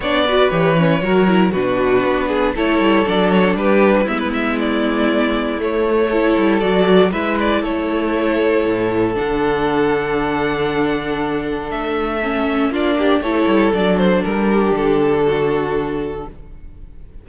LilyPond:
<<
  \new Staff \with { instrumentName = "violin" } { \time 4/4 \tempo 4 = 118 d''4 cis''2 b'4~ | b'4 cis''4 d''8 cis''8 b'4 | e''16 b'16 e''8 d''2 cis''4~ | cis''4 d''4 e''8 d''8 cis''4~ |
cis''2 fis''2~ | fis''2. e''4~ | e''4 d''4 cis''4 d''8 c''8 | ais'4 a'2. | }
  \new Staff \with { instrumentName = "violin" } { \time 4/4 cis''8 b'4. ais'4 fis'4~ | fis'8 gis'8 a'2 g'8. fis'16 | e'1 | a'2 b'4 a'4~ |
a'1~ | a'1~ | a'4 f'8 g'8 a'2~ | a'8 g'4. fis'2 | }
  \new Staff \with { instrumentName = "viola" } { \time 4/4 d'8 fis'8 g'8 cis'8 fis'8 e'8 d'4~ | d'4 e'4 d'2 | b2. a4 | e'4 fis'4 e'2~ |
e'2 d'2~ | d'1 | cis'4 d'4 e'4 d'4~ | d'1 | }
  \new Staff \with { instrumentName = "cello" } { \time 4/4 b4 e4 fis4 b,4 | b4 a8 g8 fis4 g4 | gis2. a4~ | a8 g8 fis4 gis4 a4~ |
a4 a,4 d2~ | d2. a4~ | a4 ais4 a8 g8 fis4 | g4 d2. | }
>>